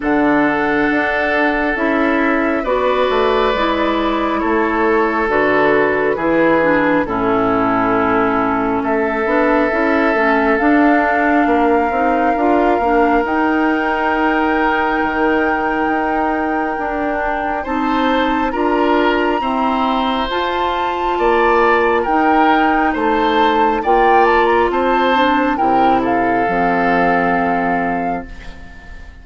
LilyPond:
<<
  \new Staff \with { instrumentName = "flute" } { \time 4/4 \tempo 4 = 68 fis''2 e''4 d''4~ | d''4 cis''4 b'2 | a'2 e''2 | f''2. g''4~ |
g''1 | a''4 ais''2 a''4~ | a''4 g''4 a''4 g''8 a''16 ais''16 | a''4 g''8 f''2~ f''8 | }
  \new Staff \with { instrumentName = "oboe" } { \time 4/4 a'2. b'4~ | b'4 a'2 gis'4 | e'2 a'2~ | a'4 ais'2.~ |
ais'1 | c''4 ais'4 c''2 | d''4 ais'4 c''4 d''4 | c''4 ais'8 a'2~ a'8 | }
  \new Staff \with { instrumentName = "clarinet" } { \time 4/4 d'2 e'4 fis'4 | e'2 fis'4 e'8 d'8 | cis'2~ cis'8 d'8 e'8 cis'8 | d'4. dis'8 f'8 d'8 dis'4~ |
dis'2. d'4 | dis'4 f'4 c'4 f'4~ | f'4 dis'2 f'4~ | f'8 d'8 e'4 c'2 | }
  \new Staff \with { instrumentName = "bassoon" } { \time 4/4 d4 d'4 cis'4 b8 a8 | gis4 a4 d4 e4 | a,2 a8 b8 cis'8 a8 | d'4 ais8 c'8 d'8 ais8 dis'4~ |
dis'4 dis4 dis'4 d'4 | c'4 d'4 e'4 f'4 | ais4 dis'4 a4 ais4 | c'4 c4 f2 | }
>>